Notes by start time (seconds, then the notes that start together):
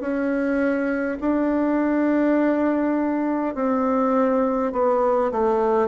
0.00 C#4
1.20 D4
3.55 C4
4.72 B3
5.31 A3